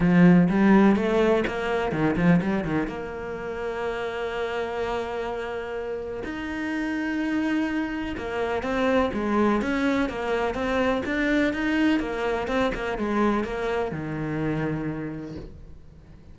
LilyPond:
\new Staff \with { instrumentName = "cello" } { \time 4/4 \tempo 4 = 125 f4 g4 a4 ais4 | dis8 f8 g8 dis8 ais2~ | ais1~ | ais4 dis'2.~ |
dis'4 ais4 c'4 gis4 | cis'4 ais4 c'4 d'4 | dis'4 ais4 c'8 ais8 gis4 | ais4 dis2. | }